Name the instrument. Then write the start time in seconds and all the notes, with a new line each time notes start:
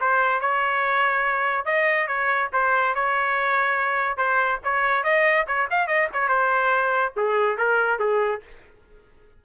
trumpet
0.00 C5
0.41 C#5
1.65 D#5
2.07 C#5
2.52 C5
2.95 C#5
4.17 C5
4.64 C#5
5.03 D#5
5.47 C#5
5.70 F5
5.87 D#5
6.13 C#5
6.28 C5
7.16 G#4
7.57 A#4
7.99 G#4